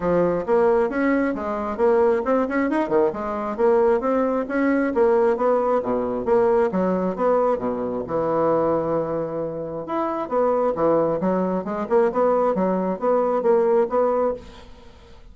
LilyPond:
\new Staff \with { instrumentName = "bassoon" } { \time 4/4 \tempo 4 = 134 f4 ais4 cis'4 gis4 | ais4 c'8 cis'8 dis'8 dis8 gis4 | ais4 c'4 cis'4 ais4 | b4 b,4 ais4 fis4 |
b4 b,4 e2~ | e2 e'4 b4 | e4 fis4 gis8 ais8 b4 | fis4 b4 ais4 b4 | }